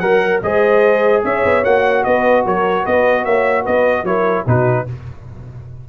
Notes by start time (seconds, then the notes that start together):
0.00 F#3 A#4 F#5
0.43 G#3 G#4 C5 D#5
1.23 C#4 C#5 E5
1.45 B3
1.65 A#3 F#4 F#5
2.04 B3 B4 D#5
2.45 F#3 A#4 C#5
2.84 B3 B4 D#5
3.25 A#3 C#5 E5
3.63 B3 B4 D#5
4.04 F#3 E4 A#4 C#5
4.45 B2 D#4 F#4 B4